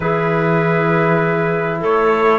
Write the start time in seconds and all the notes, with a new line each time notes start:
0.00 E3 E4 G#4 B4
1.80 A3 A4 C#5